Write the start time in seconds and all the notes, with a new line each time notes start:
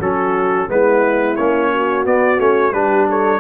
0.00 F#3 C#4 F#4 A4
0.68 G#3 B3 E4 B4
1.37 A#3 C#4 C#5
1.73 F#4
2.05 B3 D5
2.39 A3 C#4 C#5
2.73 G3 D4 G4 B4
3.10 A4 C#5